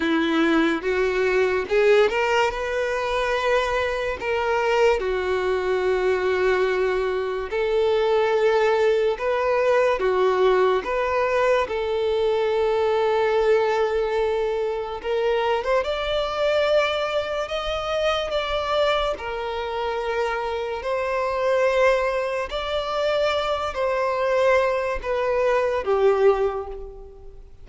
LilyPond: \new Staff \with { instrumentName = "violin" } { \time 4/4 \tempo 4 = 72 e'4 fis'4 gis'8 ais'8 b'4~ | b'4 ais'4 fis'2~ | fis'4 a'2 b'4 | fis'4 b'4 a'2~ |
a'2 ais'8. c''16 d''4~ | d''4 dis''4 d''4 ais'4~ | ais'4 c''2 d''4~ | d''8 c''4. b'4 g'4 | }